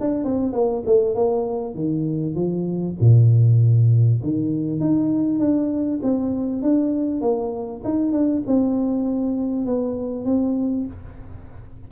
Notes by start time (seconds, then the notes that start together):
0.00 D4
0.24 C4
0.53 A#3
0.86 A3
1.15 A#3
1.75 D#3
2.35 F3
3.00 A#2
4.23 D#3
4.80 D#4
5.39 D4
6.02 C4
6.62 D4
7.21 A#3
7.84 D#4
8.12 D4
8.47 C4
9.66 B3
10.25 C4